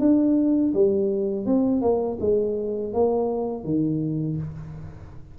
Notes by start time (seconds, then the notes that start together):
0.00 D4
0.74 G3
1.46 C4
1.82 A#3
2.20 G#3
2.94 A#3
3.64 D#3